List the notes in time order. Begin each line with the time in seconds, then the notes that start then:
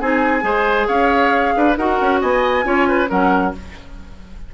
0.00 C4 D#4 G#4 G#5
0.41 G#3 G#4 C5
0.88 C#4 C#5 F5
1.57 D4 B4
1.77 D#4 F#4 A#4 F#5
2.01 C#4
2.21 B3 D#5 G#5
2.64 C#4 F4 C#5
2.88 B4
3.08 F#3 C#4 A#4 F#5